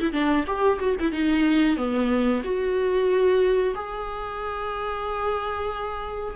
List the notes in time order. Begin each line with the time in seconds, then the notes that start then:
0.00 E4
0.12 D4
0.47 G4
0.80 F#4
1.00 E4
1.12 D#4
1.77 B3
2.44 F#4
3.75 G#4